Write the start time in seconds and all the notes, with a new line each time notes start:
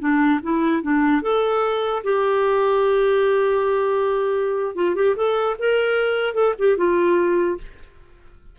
0.00 D4
0.43 E4
0.83 D4
1.22 A4
2.04 G4
4.75 F4
4.95 G4
5.16 A4
5.59 A#4
6.34 A4
6.59 G4
6.77 F4